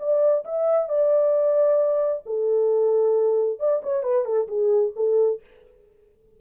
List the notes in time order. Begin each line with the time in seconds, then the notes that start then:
0.00 D5
0.45 E5
0.89 D5
2.26 A4
3.60 D5
3.84 C#5
4.04 B4
4.26 A4
4.48 G#4
4.96 A4